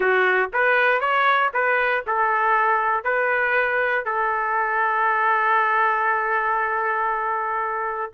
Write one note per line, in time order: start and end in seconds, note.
0.00 0.50 F#4
0.53 1.00 B4
1.00 1.51 C#5
1.53 2.04 B4
2.06 3.04 A4
3.04 4.05 B4
4.05 8.11 A4